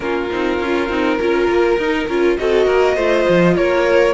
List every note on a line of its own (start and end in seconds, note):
0.00 0.29 A#3
0.00 0.29 C#4
0.00 1.18 F4
0.00 2.36 A#4
0.30 0.59 C4
0.30 0.60 D#4
0.59 0.89 C#4
0.59 0.90 F4
0.89 1.18 C4
0.89 1.19 D#4
1.18 1.47 C#4
1.18 1.79 F4
1.18 2.37 A#4
1.47 1.77 A#3
1.77 2.07 D#4
1.77 2.09 D#4
2.08 2.37 C#4
2.08 2.38 F4
2.37 2.66 C4
2.37 2.96 F#4
2.37 2.66 A4
2.37 3.56 D#5
2.66 2.95 A#3
2.66 2.95 A#4
2.95 3.25 A3
2.95 4.13 F4
2.95 3.54 C5
3.28 3.56 F3
3.56 4.13 A#3
3.56 4.13 A#4
3.56 4.13 C#5